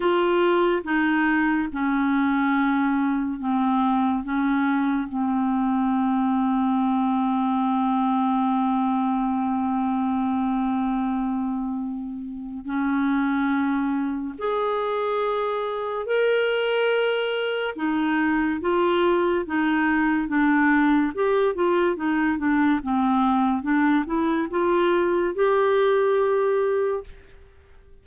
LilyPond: \new Staff \with { instrumentName = "clarinet" } { \time 4/4 \tempo 4 = 71 f'4 dis'4 cis'2 | c'4 cis'4 c'2~ | c'1~ | c'2. cis'4~ |
cis'4 gis'2 ais'4~ | ais'4 dis'4 f'4 dis'4 | d'4 g'8 f'8 dis'8 d'8 c'4 | d'8 e'8 f'4 g'2 | }